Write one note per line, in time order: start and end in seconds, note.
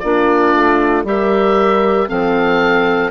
0.00 0.55 A#3
0.00 1.05 D4
0.00 1.06 F4
0.00 1.03 D5
0.55 1.04 A3
1.04 2.08 G3
1.04 2.08 G4
1.04 2.09 A#4
1.04 2.09 E5
2.08 3.11 F3
2.08 3.11 C4
2.08 3.11 A4
2.08 3.11 F5